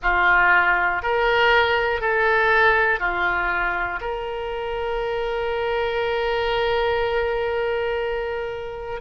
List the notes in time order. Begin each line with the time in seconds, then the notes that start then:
0.02 F4
1.02 A#4
2.00 A4
3.00 F4
4.00 A#4